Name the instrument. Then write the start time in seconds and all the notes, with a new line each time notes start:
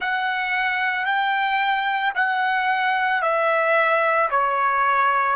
trumpet
0.00 F#5
1.05 G5
2.14 F#5
3.21 E5
4.30 C#5